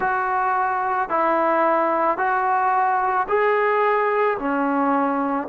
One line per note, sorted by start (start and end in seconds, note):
0.00 1.09 F#4
1.09 2.17 E4
2.17 3.26 F#4
3.28 4.37 G#4
4.38 5.47 C#4